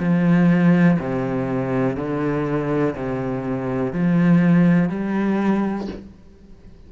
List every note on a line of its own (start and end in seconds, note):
0.00 0.98 F3
0.99 1.97 C3
1.97 2.95 D3
2.96 3.93 C3
3.93 4.89 F3
4.89 5.87 G3